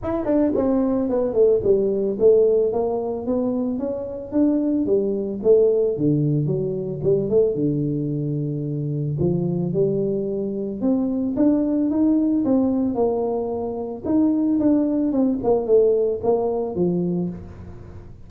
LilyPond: \new Staff \with { instrumentName = "tuba" } { \time 4/4 \tempo 4 = 111 e'8 d'8 c'4 b8 a8 g4 | a4 ais4 b4 cis'4 | d'4 g4 a4 d4 | fis4 g8 a8 d2~ |
d4 f4 g2 | c'4 d'4 dis'4 c'4 | ais2 dis'4 d'4 | c'8 ais8 a4 ais4 f4 | }